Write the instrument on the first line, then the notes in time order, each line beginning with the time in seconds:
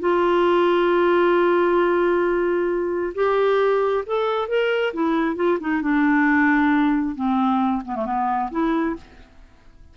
clarinet
0.00 F4
3.15 G4
4.07 A4
4.48 A#4
4.94 E4
5.36 F4
5.60 D#4
5.82 D4
7.16 C4
7.85 B3
7.96 A3
8.06 B3
8.51 E4